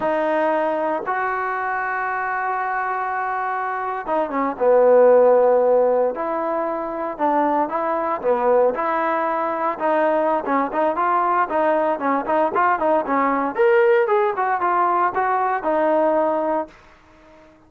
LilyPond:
\new Staff \with { instrumentName = "trombone" } { \time 4/4 \tempo 4 = 115 dis'2 fis'2~ | fis'2.~ fis'8. dis'16~ | dis'16 cis'8 b2. e'16~ | e'4.~ e'16 d'4 e'4 b16~ |
b8. e'2 dis'4~ dis'16 | cis'8 dis'8 f'4 dis'4 cis'8 dis'8 | f'8 dis'8 cis'4 ais'4 gis'8 fis'8 | f'4 fis'4 dis'2 | }